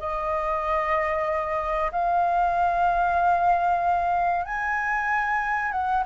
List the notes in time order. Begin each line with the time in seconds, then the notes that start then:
0.00 D#5
1.92 F5
4.46 G#5
5.72 F#5